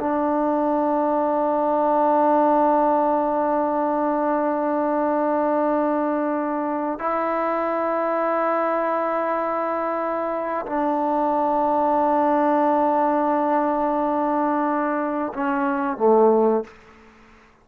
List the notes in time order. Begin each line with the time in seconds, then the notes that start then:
0.00 D4
6.99 E4
10.66 D4
15.34 C#4
15.98 A3